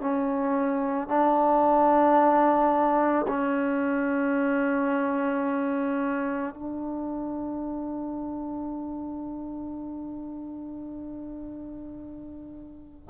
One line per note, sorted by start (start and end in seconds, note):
0.00 1.08 C#4
1.08 3.26 D4
3.27 6.54 C#4
6.54 13.09 D4